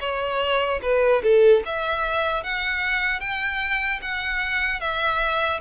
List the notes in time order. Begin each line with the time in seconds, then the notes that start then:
0.00 C#5
0.82 B4
1.23 A4
1.65 E5
2.43 F#5
3.20 G5
4.01 F#5
4.80 E5